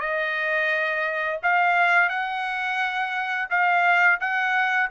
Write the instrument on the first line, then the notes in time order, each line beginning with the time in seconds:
trumpet
0.00 D#5
1.43 F5
2.09 F#5
3.50 F5
4.21 F#5